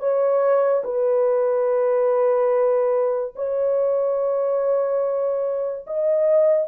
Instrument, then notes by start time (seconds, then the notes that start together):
horn
0.00 C#5
0.84 B4
3.36 C#5
5.87 D#5